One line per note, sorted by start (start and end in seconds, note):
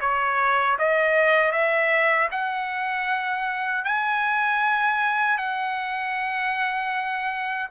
0.00 0.77 C#5
0.78 1.51 D#5
1.51 2.28 E5
2.31 3.84 F#5
3.84 5.37 G#5
5.37 7.68 F#5